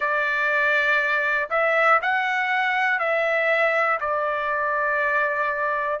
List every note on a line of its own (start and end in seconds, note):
0.00 1.49 D5
1.50 2.00 E5
2.01 2.99 F#5
2.99 3.99 E5
4.00 6.00 D5